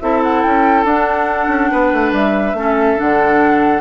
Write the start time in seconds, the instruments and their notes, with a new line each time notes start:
0.00 bassoon C4, clarinet E4, oboe A4, flute E5
0.23 flute F#5
0.42 bassoon C#4, flute G5
0.84 bassoon D4, clarinet D4, flute F#5
1.48 bassoon C#4
1.71 bassoon B3, oboe B4
1.93 bassoon A3
2.12 bassoon G3, flute E5
2.53 bassoon A3, clarinet C#4, oboe A4
2.97 bassoon D3, clarinet D4, flute F#5